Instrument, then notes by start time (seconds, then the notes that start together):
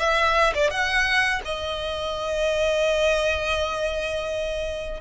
violin
0.00 E5
0.55 D5
0.70 F#5
1.45 D#5